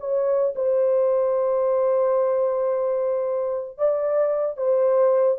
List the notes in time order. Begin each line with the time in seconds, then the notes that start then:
0.00 C#5
0.56 C5
3.78 D5
4.57 C5